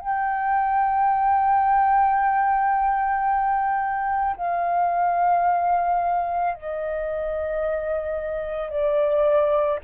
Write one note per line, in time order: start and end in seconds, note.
0.00 4.36 G5
4.37 6.55 F5
6.55 8.70 D#5
8.70 9.79 D5